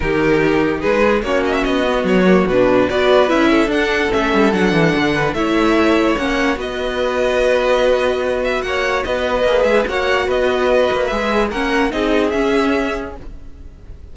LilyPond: <<
  \new Staff \with { instrumentName = "violin" } { \time 4/4 \tempo 4 = 146 ais'2 b'4 cis''8 dis''16 e''16 | dis''4 cis''4 b'4 d''4 | e''4 fis''4 e''4 fis''4~ | fis''4 e''2 fis''4 |
dis''1~ | dis''8 e''8 fis''4 dis''4. e''8 | fis''4 dis''2 e''4 | fis''4 dis''4 e''2 | }
  \new Staff \with { instrumentName = "violin" } { \time 4/4 g'2 gis'4 fis'4~ | fis'2. b'4~ | b'8 a'2.~ a'8~ | a'8 b'8 cis''2. |
b'1~ | b'4 cis''4 b'2 | cis''4 b'2. | ais'4 gis'2. | }
  \new Staff \with { instrumentName = "viola" } { \time 4/4 dis'2. cis'4~ | cis'8 b4 ais8 d'4 fis'4 | e'4 d'4 cis'4 d'4~ | d'4 e'2 cis'4 |
fis'1~ | fis'2. gis'4 | fis'2. gis'4 | cis'4 dis'4 cis'2 | }
  \new Staff \with { instrumentName = "cello" } { \time 4/4 dis2 gis4 ais4 | b4 fis4 b,4 b4 | cis'4 d'4 a8 g8 fis8 e8 | d4 a2 ais4 |
b1~ | b4 ais4 b4 ais8 gis8 | ais4 b4. ais8 gis4 | ais4 c'4 cis'2 | }
>>